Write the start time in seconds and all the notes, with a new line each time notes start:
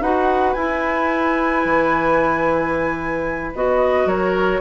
0.00 D#4 F#4 B4 F#5
0.53 E4 G#5
1.64 E3
3.54 B3 F#4 D#5
4.05 F#3 A#4 C#5